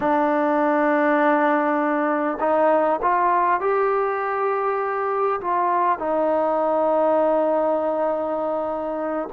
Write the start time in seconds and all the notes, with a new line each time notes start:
0.00 D4
2.40 D#4
3.02 F4
3.60 G4
5.40 F4
5.98 D#4